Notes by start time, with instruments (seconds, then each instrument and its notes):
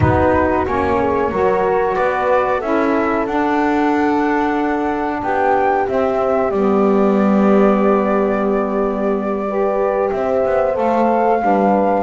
0.00 double bass B3, saxophone D#4, horn F#4, flute B4
0.65 double bass A#3, saxophone C#4, flute C#5
0.98 horn G#4
1.30 double bass F#3, saxophone F#4, horn A#4
1.94 double bass B3, horn B4, flute D5
2.57 double bass C#4, saxophone E4, horn A4, flute E5
3.26 double bass D4, saxophone D4, flute F#5
5.22 double bass B3, horn G4, flute G5
5.87 saxophone C4, double bass C4, flute E5
6.51 double bass G3, saxophone B3, flute D5
9.46 saxophone G4, horn B4
10.10 double bass C4, horn C5, flute E5
10.45 double bass B3
10.72 double bass A3, saxophone A4, flute F5
11.40 double bass G3, saxophone D4, horn B4